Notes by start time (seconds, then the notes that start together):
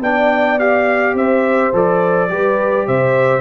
0.00 B3 D4 D5 G5
0.59 G4 F5
1.14 C4 C5 E5
1.72 F3 A4 D5
2.29 G3 G4 B4
2.87 C3 C5 E5